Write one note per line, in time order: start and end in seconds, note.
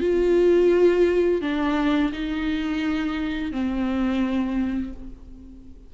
0.00 1.41 F4
1.41 2.12 D4
2.12 3.52 D#4
3.52 4.93 C4